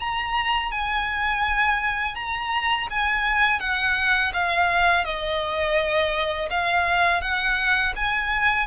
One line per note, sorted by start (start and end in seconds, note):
0.00 0.72 A#5
0.72 2.15 G#5
2.15 2.88 A#5
2.90 3.60 G#5
3.60 4.32 F#5
4.34 5.05 F5
5.05 6.49 D#5
6.50 7.22 F5
7.22 7.94 F#5
7.96 8.67 G#5